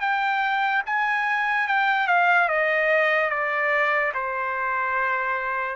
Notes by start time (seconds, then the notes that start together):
0.00 G5
0.86 G#5
1.67 G5
2.07 F5
2.48 D#5
3.30 D5
4.14 C5